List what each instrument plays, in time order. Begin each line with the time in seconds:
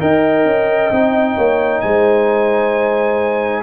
0.00 tuba D#4, trombone A#4, horn D#5, trumpet G5
0.46 tuba C#4
0.91 tuba C4, trombone D#4
1.37 tuba A#3, horn C#5
1.81 tuba G#3, horn C5, trumpet G#5